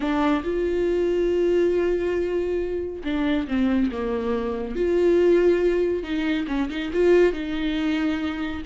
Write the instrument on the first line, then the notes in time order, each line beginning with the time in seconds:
viola
0.00 D4
0.44 F4
3.04 D4
3.47 C4
3.91 A#3
4.75 F4
6.03 D#4
6.47 C#4
6.69 D#4
6.93 F4
7.32 D#4